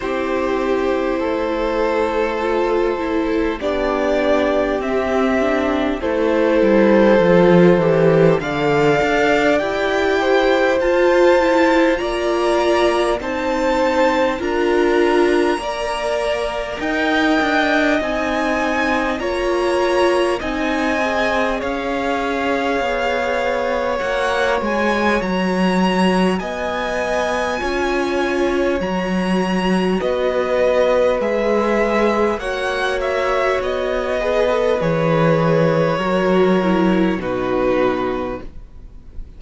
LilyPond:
<<
  \new Staff \with { instrumentName = "violin" } { \time 4/4 \tempo 4 = 50 c''2. d''4 | e''4 c''2 f''4 | g''4 a''4 ais''4 a''4 | ais''2 g''4 gis''4 |
ais''4 gis''4 f''2 | fis''8 gis''8 ais''4 gis''2 | ais''4 dis''4 e''4 fis''8 e''8 | dis''4 cis''2 b'4 | }
  \new Staff \with { instrumentName = "violin" } { \time 4/4 g'4 a'2 g'4~ | g'4 a'2 d''4~ | d''8 c''4. d''4 c''4 | ais'4 d''4 dis''2 |
cis''4 dis''4 cis''2~ | cis''2 dis''4 cis''4~ | cis''4 b'2 cis''4~ | cis''8 b'4. ais'4 fis'4 | }
  \new Staff \with { instrumentName = "viola" } { \time 4/4 e'2 f'8 e'8 d'4 | c'8 d'8 e'4 f'8 g'8 a'4 | g'4 f'8 e'8 f'4 dis'4 | f'4 ais'2 dis'4 |
f'4 dis'8 gis'2~ gis'8 | fis'2. f'4 | fis'2 gis'4 fis'4~ | fis'8 gis'16 a'16 gis'4 fis'8 e'8 dis'4 | }
  \new Staff \with { instrumentName = "cello" } { \time 4/4 c'4 a2 b4 | c'4 a8 g8 f8 e8 d8 d'8 | e'4 f'4 ais4 c'4 | d'4 ais4 dis'8 d'8 c'4 |
ais4 c'4 cis'4 b4 | ais8 gis8 fis4 b4 cis'4 | fis4 b4 gis4 ais4 | b4 e4 fis4 b,4 | }
>>